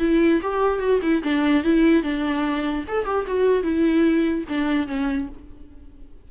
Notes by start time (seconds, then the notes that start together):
0.00 E4
0.42 G4
0.80 F#4
1.02 E4
1.24 D4
1.64 E4
2.03 D4
2.88 A4
3.05 G4
3.27 F#4
3.63 E4
4.49 D4
4.88 C#4